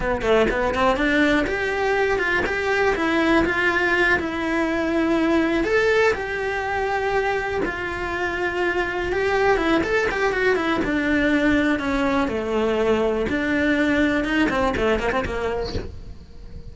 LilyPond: \new Staff \with { instrumentName = "cello" } { \time 4/4 \tempo 4 = 122 b8 a8 b8 c'8 d'4 g'4~ | g'8 f'8 g'4 e'4 f'4~ | f'8 e'2. a'8~ | a'8 g'2. f'8~ |
f'2~ f'8 g'4 e'8 | a'8 g'8 fis'8 e'8 d'2 | cis'4 a2 d'4~ | d'4 dis'8 c'8 a8 ais16 c'16 ais4 | }